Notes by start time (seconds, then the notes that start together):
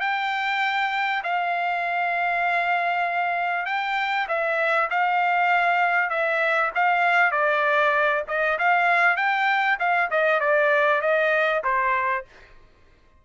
0.00 G5
1.23 F5
3.66 G5
4.28 E5
4.90 F5
6.10 E5
6.75 F5
7.31 D5
8.28 D#5
8.59 F5
9.16 G5
9.79 F5
10.10 D#5
10.40 D5
11.01 D#5
11.64 C5